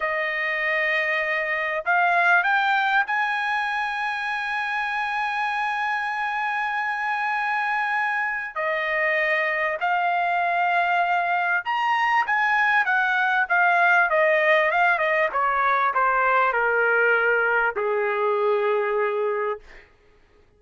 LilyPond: \new Staff \with { instrumentName = "trumpet" } { \time 4/4 \tempo 4 = 98 dis''2. f''4 | g''4 gis''2.~ | gis''1~ | gis''2 dis''2 |
f''2. ais''4 | gis''4 fis''4 f''4 dis''4 | f''8 dis''8 cis''4 c''4 ais'4~ | ais'4 gis'2. | }